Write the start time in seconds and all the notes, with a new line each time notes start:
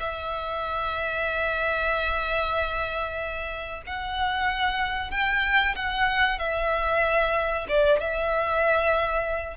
0.00 E5
3.87 F#5
5.11 G5
5.76 F#5
6.39 E5
7.69 D5
8.00 E5